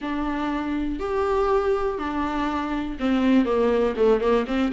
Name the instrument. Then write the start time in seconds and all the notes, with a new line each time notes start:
viola
0.01 D4
0.99 G4
1.98 D4
2.99 C4
3.45 A#3
3.96 A3
4.21 A#3
4.47 C4